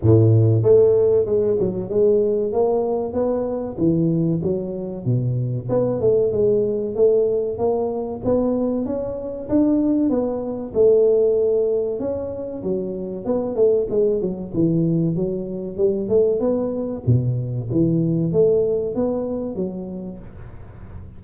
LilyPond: \new Staff \with { instrumentName = "tuba" } { \time 4/4 \tempo 4 = 95 a,4 a4 gis8 fis8 gis4 | ais4 b4 e4 fis4 | b,4 b8 a8 gis4 a4 | ais4 b4 cis'4 d'4 |
b4 a2 cis'4 | fis4 b8 a8 gis8 fis8 e4 | fis4 g8 a8 b4 b,4 | e4 a4 b4 fis4 | }